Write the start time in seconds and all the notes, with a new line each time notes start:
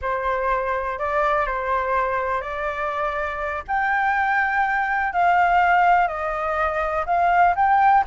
0.01 C5
0.98 D5
1.46 C5
2.41 D5
3.67 G5
5.13 F5
6.07 D#5
7.06 F5
7.55 G5